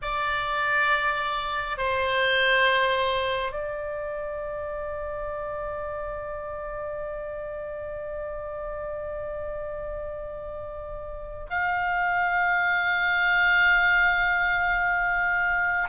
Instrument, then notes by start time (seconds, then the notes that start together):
oboe
0.02 D5
1.77 C5
3.51 D5
11.49 F5